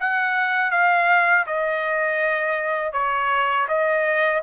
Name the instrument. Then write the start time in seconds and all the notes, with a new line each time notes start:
trumpet
0.00 F#5
0.71 F5
1.46 D#5
2.93 C#5
3.68 D#5